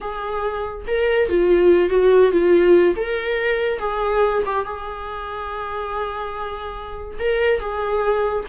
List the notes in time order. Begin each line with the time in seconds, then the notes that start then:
0.01 G#4
0.87 A#4
1.29 F4
1.89 F#4
2.31 F4
2.96 A#4
3.79 G#4
4.45 G4
4.64 G#4
7.19 A#4
7.60 G#4